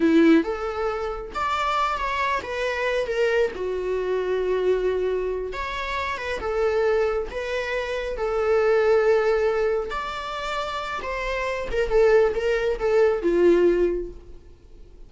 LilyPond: \new Staff \with { instrumentName = "viola" } { \time 4/4 \tempo 4 = 136 e'4 a'2 d''4~ | d''8 cis''4 b'4. ais'4 | fis'1~ | fis'8 cis''4. b'8 a'4.~ |
a'8 b'2 a'4.~ | a'2~ a'8 d''4.~ | d''4 c''4. ais'8 a'4 | ais'4 a'4 f'2 | }